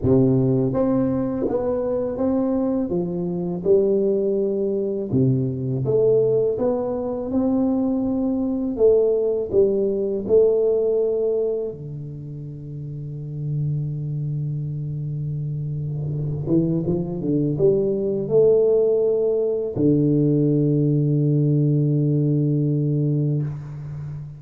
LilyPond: \new Staff \with { instrumentName = "tuba" } { \time 4/4 \tempo 4 = 82 c4 c'4 b4 c'4 | f4 g2 c4 | a4 b4 c'2 | a4 g4 a2 |
d1~ | d2~ d8 e8 f8 d8 | g4 a2 d4~ | d1 | }